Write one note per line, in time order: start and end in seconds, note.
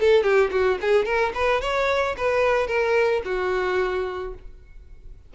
0.00 0.23 A4
0.23 0.50 G4
0.51 0.78 F#4
0.81 1.05 G#4
1.05 1.32 A#4
1.35 1.61 B4
1.61 2.16 C#5
2.17 2.67 B4
2.67 3.22 A#4
3.25 4.34 F#4